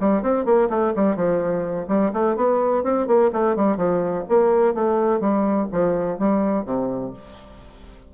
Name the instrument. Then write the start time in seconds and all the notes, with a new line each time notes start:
bassoon
0.00 G3
0.22 C4
0.45 A#3
0.69 A3
0.95 G3
1.16 F3
1.87 G3
2.13 A3
2.36 B3
2.83 C4
3.07 A#3
3.32 A3
3.56 G3
3.77 F3
4.28 A#3
4.74 A3
5.20 G3
5.72 F3
6.18 G3
6.65 C3